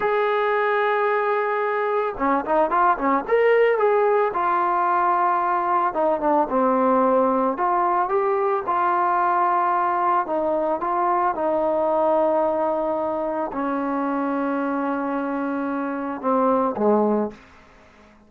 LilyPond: \new Staff \with { instrumentName = "trombone" } { \time 4/4 \tempo 4 = 111 gis'1 | cis'8 dis'8 f'8 cis'8 ais'4 gis'4 | f'2. dis'8 d'8 | c'2 f'4 g'4 |
f'2. dis'4 | f'4 dis'2.~ | dis'4 cis'2.~ | cis'2 c'4 gis4 | }